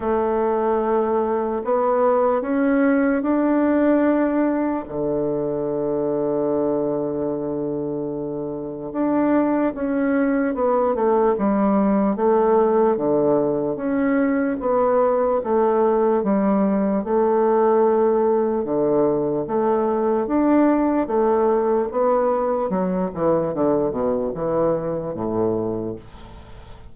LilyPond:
\new Staff \with { instrumentName = "bassoon" } { \time 4/4 \tempo 4 = 74 a2 b4 cis'4 | d'2 d2~ | d2. d'4 | cis'4 b8 a8 g4 a4 |
d4 cis'4 b4 a4 | g4 a2 d4 | a4 d'4 a4 b4 | fis8 e8 d8 b,8 e4 a,4 | }